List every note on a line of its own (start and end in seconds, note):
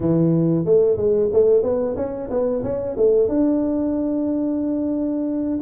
0.00 0.65 E3
0.65 0.96 A3
0.96 1.29 G#3
1.32 1.62 A3
1.62 1.95 B3
1.96 2.29 C#4
2.30 2.63 B3
2.63 2.96 C#4
2.97 3.28 A3
3.28 5.59 D4